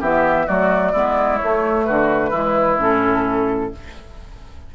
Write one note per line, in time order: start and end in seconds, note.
0.00 0.47 E3
0.00 0.47 B3
0.00 0.46 G4
0.00 0.48 E5
0.46 0.94 F#3
0.46 0.93 A3
0.46 0.92 F#4
0.46 1.37 D5
0.92 1.41 G#3
0.92 1.41 B3
0.92 1.85 E4
1.37 2.33 A3
1.37 1.89 A3
1.37 1.83 C#5
1.84 2.31 D3
1.84 2.30 F#4
1.84 2.77 B4
2.30 2.77 E3
2.30 2.79 G#3
2.30 3.69 E4
2.78 3.71 A2
2.78 3.72 C#4
2.78 3.75 A4